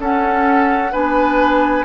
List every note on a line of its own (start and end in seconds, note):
0.00 0.94 C#4
0.00 0.93 C#4
0.00 0.92 A4
0.00 0.93 F#5
0.92 1.85 B3
0.92 1.85 D4
0.92 1.85 B4
0.92 1.85 G#5